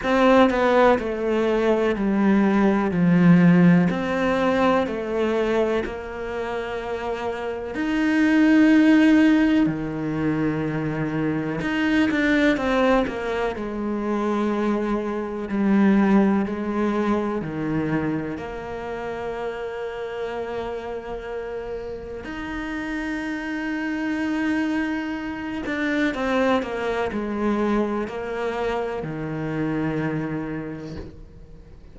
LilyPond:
\new Staff \with { instrumentName = "cello" } { \time 4/4 \tempo 4 = 62 c'8 b8 a4 g4 f4 | c'4 a4 ais2 | dis'2 dis2 | dis'8 d'8 c'8 ais8 gis2 |
g4 gis4 dis4 ais4~ | ais2. dis'4~ | dis'2~ dis'8 d'8 c'8 ais8 | gis4 ais4 dis2 | }